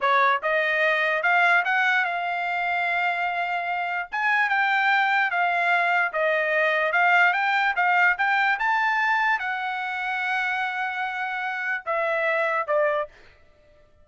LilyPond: \new Staff \with { instrumentName = "trumpet" } { \time 4/4 \tempo 4 = 147 cis''4 dis''2 f''4 | fis''4 f''2.~ | f''2 gis''4 g''4~ | g''4 f''2 dis''4~ |
dis''4 f''4 g''4 f''4 | g''4 a''2 fis''4~ | fis''1~ | fis''4 e''2 d''4 | }